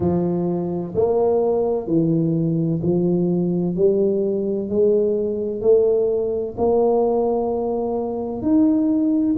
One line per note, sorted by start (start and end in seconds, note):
0.00 0.94 F3
0.95 1.86 A#3
1.86 2.80 E3
2.82 3.75 F3
3.75 4.69 G3
4.69 5.61 G#3
5.61 6.55 A3
6.57 8.42 A#3
8.42 9.35 D#4